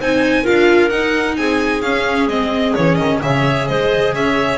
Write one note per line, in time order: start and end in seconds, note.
0.00 0.46 C4
0.00 0.44 D#4
0.00 0.43 C5
0.00 0.47 G#5
0.43 0.91 D4
0.43 0.91 F4
0.43 1.36 A#4
0.43 0.90 F5
0.90 1.37 D#4
0.90 1.84 D#4
0.90 1.36 F#5
1.37 1.82 C4
1.37 3.23 G#4
1.37 1.82 G#5
1.82 2.28 C#4
1.82 2.31 C#4
1.82 2.28 F5
2.28 2.74 G#3
2.28 2.77 C4
2.28 2.75 D#5
2.75 2.99 E3
2.75 3.22 C#4
2.75 2.95 C#5
2.95 3.22 D#3
2.95 3.18 D#5
3.22 3.69 C#3
3.22 4.58 G#4
3.22 3.69 C#5
3.22 3.68 E5
3.68 4.13 G#3
3.68 4.15 C5
3.68 4.14 D#5
4.13 4.58 C#4
4.13 4.58 C#5
4.13 4.58 E5